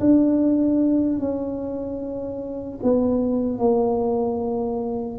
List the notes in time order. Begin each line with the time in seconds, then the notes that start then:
0.00 D4
1.19 C#4
2.83 B3
3.58 A#3